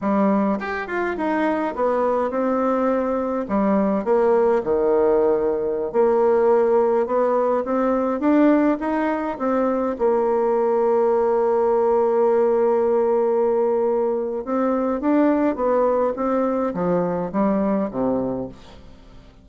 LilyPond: \new Staff \with { instrumentName = "bassoon" } { \time 4/4 \tempo 4 = 104 g4 g'8 f'8 dis'4 b4 | c'2 g4 ais4 | dis2~ dis16 ais4.~ ais16~ | ais16 b4 c'4 d'4 dis'8.~ |
dis'16 c'4 ais2~ ais8.~ | ais1~ | ais4 c'4 d'4 b4 | c'4 f4 g4 c4 | }